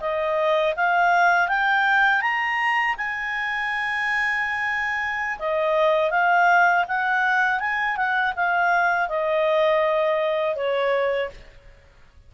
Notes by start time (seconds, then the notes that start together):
0.00 D#5
0.76 F5
1.48 G5
2.21 A#5
2.97 G#5
5.39 D#5
6.11 F5
6.88 F#5
7.60 G#5
7.96 F#5
8.36 F5
9.09 D#5
10.56 C#5